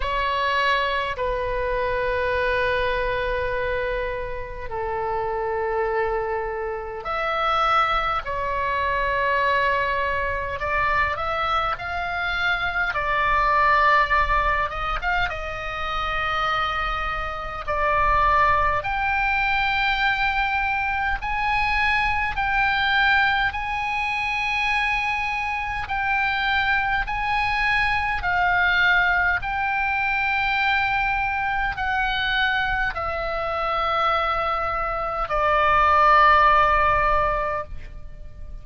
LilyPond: \new Staff \with { instrumentName = "oboe" } { \time 4/4 \tempo 4 = 51 cis''4 b'2. | a'2 e''4 cis''4~ | cis''4 d''8 e''8 f''4 d''4~ | d''8 dis''16 f''16 dis''2 d''4 |
g''2 gis''4 g''4 | gis''2 g''4 gis''4 | f''4 g''2 fis''4 | e''2 d''2 | }